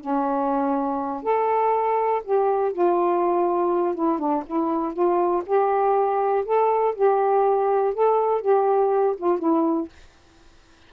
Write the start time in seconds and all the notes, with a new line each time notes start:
0.00 C#4
1.22 A4
2.24 G4
2.72 F4
3.95 E4
4.19 D4
4.46 E4
4.93 F4
5.45 G4
6.45 A4
6.95 G4
7.94 A4
8.41 G4
9.17 F4
9.39 E4